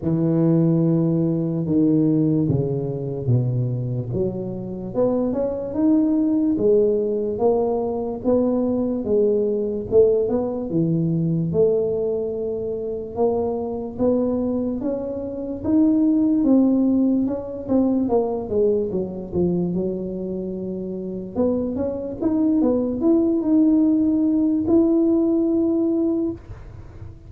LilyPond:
\new Staff \with { instrumentName = "tuba" } { \time 4/4 \tempo 4 = 73 e2 dis4 cis4 | b,4 fis4 b8 cis'8 dis'4 | gis4 ais4 b4 gis4 | a8 b8 e4 a2 |
ais4 b4 cis'4 dis'4 | c'4 cis'8 c'8 ais8 gis8 fis8 f8 | fis2 b8 cis'8 dis'8 b8 | e'8 dis'4. e'2 | }